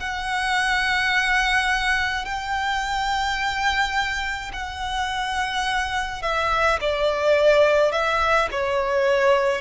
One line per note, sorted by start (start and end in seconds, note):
0.00 2.25 F#5
2.25 4.51 G5
4.53 6.22 F#5
6.22 6.79 E5
6.81 7.92 D5
7.92 8.49 E5
8.52 9.61 C#5